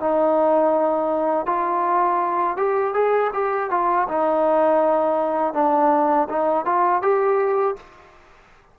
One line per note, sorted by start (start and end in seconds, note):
0.00 1.46 D#4
1.46 2.57 F4
2.57 2.94 G4
2.94 3.31 G#4
3.33 3.70 G4
3.71 4.08 F4
4.08 5.54 D#4
5.54 6.28 D4
6.29 6.65 D#4
6.65 7.02 F4
7.02 7.76 G4